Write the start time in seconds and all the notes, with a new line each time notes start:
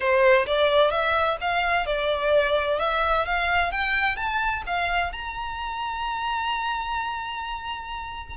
0.00 C5
0.46 D5
0.90 E5
1.40 F5
1.86 D5
2.79 E5
3.25 F5
3.71 G5
4.16 A5
4.66 F5
5.12 A#5